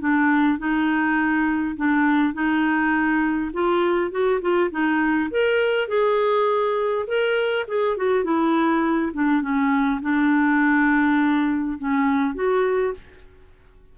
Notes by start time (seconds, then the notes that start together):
0.00 D4
0.59 D#4
1.76 D4
2.34 D#4
3.53 F4
4.11 F#4
4.41 F4
4.71 D#4
5.31 A#4
5.88 G#4
7.07 A#4
7.68 G#4
7.97 F#4
8.24 E4
9.13 D4
9.42 C#4
10.02 D4
11.78 C#4
12.35 F#4